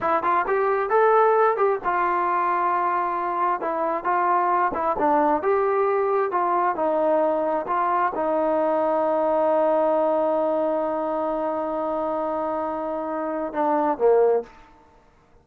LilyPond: \new Staff \with { instrumentName = "trombone" } { \time 4/4 \tempo 4 = 133 e'8 f'8 g'4 a'4. g'8 | f'1 | e'4 f'4. e'8 d'4 | g'2 f'4 dis'4~ |
dis'4 f'4 dis'2~ | dis'1~ | dis'1~ | dis'2 d'4 ais4 | }